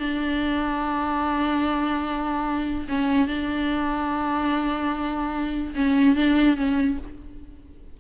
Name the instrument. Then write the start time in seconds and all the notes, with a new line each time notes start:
viola
0.00 D4
2.89 C#4
3.28 D4
5.76 C#4
6.16 D4
6.57 C#4